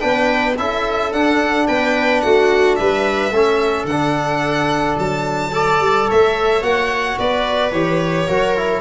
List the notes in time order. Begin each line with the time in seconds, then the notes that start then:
0.00 B3 D4 B4 G5
0.58 C#4 E4 A4 E5
1.13 D4 F#5
1.67 B3 B4 G5
2.21 A3 F#4 F#5
2.76 G3 B4 E5
3.31 A3 C#4 A4
3.85 D3 F#5
3.91 D4
4.99 F#3 A5
5.52 A4 D5
5.80 G3
6.08 A3 C#5 E5
6.62 A#3 F#4 F#5
7.19 B3 B4 D5
7.72 E3 G4 C#5
8.29 F#3 F#4 A#4
8.57 E4